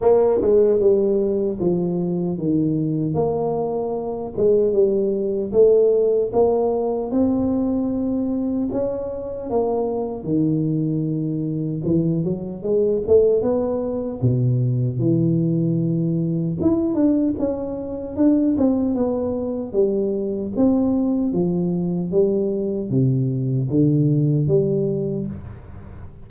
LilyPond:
\new Staff \with { instrumentName = "tuba" } { \time 4/4 \tempo 4 = 76 ais8 gis8 g4 f4 dis4 | ais4. gis8 g4 a4 | ais4 c'2 cis'4 | ais4 dis2 e8 fis8 |
gis8 a8 b4 b,4 e4~ | e4 e'8 d'8 cis'4 d'8 c'8 | b4 g4 c'4 f4 | g4 c4 d4 g4 | }